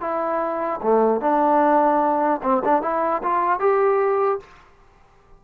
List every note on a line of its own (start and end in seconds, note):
0.00 0.80 E4
0.82 1.21 A3
1.21 2.41 D4
2.43 2.63 C4
2.64 2.82 D4
2.82 3.22 E4
3.23 3.59 F4
3.59 4.39 G4